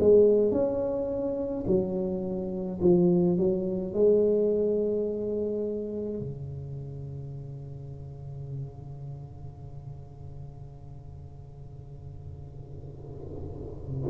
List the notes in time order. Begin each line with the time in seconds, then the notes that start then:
0.00 G#3
0.51 C#4
1.67 F#3
2.81 F3
3.37 F#3
3.94 G#3
6.20 C#3